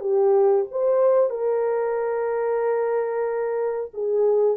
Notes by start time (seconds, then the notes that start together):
0.00 G4
0.71 C5
1.30 A#4
3.94 G#4